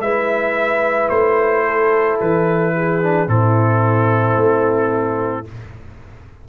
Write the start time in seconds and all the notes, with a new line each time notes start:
0.00 G#3 E4 B4 E5
1.09 A3 C5
1.65 A4
2.21 E3 B4
2.76 G#4
3.03 D4
3.27 A2 C4 E4 A4
4.37 A3